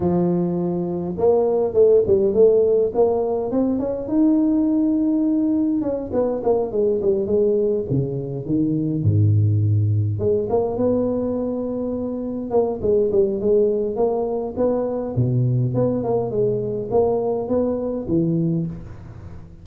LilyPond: \new Staff \with { instrumentName = "tuba" } { \time 4/4 \tempo 4 = 103 f2 ais4 a8 g8 | a4 ais4 c'8 cis'8 dis'4~ | dis'2 cis'8 b8 ais8 gis8 | g8 gis4 cis4 dis4 gis,8~ |
gis,4. gis8 ais8 b4.~ | b4. ais8 gis8 g8 gis4 | ais4 b4 b,4 b8 ais8 | gis4 ais4 b4 e4 | }